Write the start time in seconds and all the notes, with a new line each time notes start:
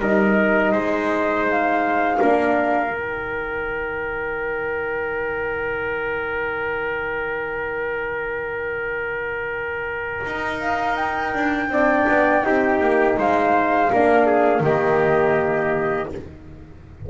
0.00 G3 D#4 A#4 D#5
0.72 G#3 C5
1.50 F5
2.20 A#3 D4 A#4
2.89 D#3 D#4 G5
10.26 D#4
10.60 F5
10.96 G5
11.35 D4
11.70 C4 D4 D5
12.09 B3
12.44 C4 D#4 G4
12.81 A#3
13.18 G#3 C5 F5
13.93 A#3 D4 A#4
14.27 G#4
14.61 D#3 A#3 G4 D#5